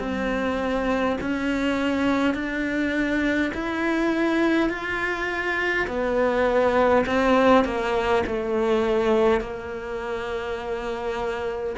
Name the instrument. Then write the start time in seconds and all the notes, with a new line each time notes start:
cello
0.00 C4
1.21 C#4
2.35 D4
3.55 E4
4.70 F4
5.88 B3
7.06 C4
7.65 A#3
8.27 A3
9.41 A#3